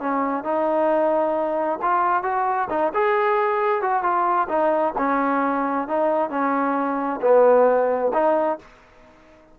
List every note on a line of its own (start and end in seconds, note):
0.00 0.44 C#4
0.44 1.79 D#4
1.82 2.23 F4
2.23 2.68 F#4
2.70 2.93 D#4
2.94 3.82 G#4
3.82 4.03 F#4
4.03 4.48 F4
4.49 4.94 D#4
4.98 5.88 C#4
5.88 6.30 D#4
6.30 7.20 C#4
7.22 8.12 B3
8.14 8.59 D#4